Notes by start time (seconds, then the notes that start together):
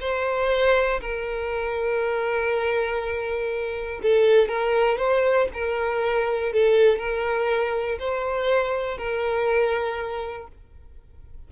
0.00 C5
1.00 A#4
4.02 A4
4.48 A#4
4.97 C5
5.53 A#4
6.52 A4
6.98 A#4
7.99 C5
8.97 A#4